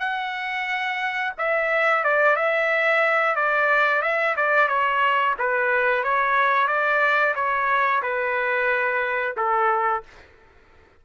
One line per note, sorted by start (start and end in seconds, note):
0.00 1.33 F#5
1.38 2.05 E5
2.05 2.37 D5
2.37 3.36 E5
3.36 4.02 D5
4.02 4.36 E5
4.37 4.69 D5
4.69 5.35 C#5
5.39 6.04 B4
6.04 6.68 C#5
6.68 7.35 D5
7.36 8.02 C#5
8.03 9.36 B4
9.37 10.04 A4